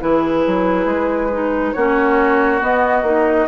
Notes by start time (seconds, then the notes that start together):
0.00 E3 E4 G#4 B4
0.47 F#3
0.86 G#3
1.32 D#4
1.73 A#3 C#4 F#4 C#5
2.60 B3 D#5
3.03 A#3 D#4